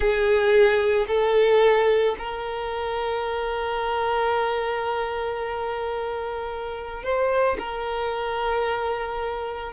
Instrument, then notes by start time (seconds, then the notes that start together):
violin
0.00 G#4
1.07 A4
2.18 A#4
7.03 C5
7.58 A#4